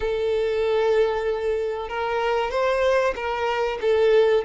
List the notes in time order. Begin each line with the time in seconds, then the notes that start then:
0.00 A4
1.89 A#4
2.50 C5
3.15 A#4
3.81 A4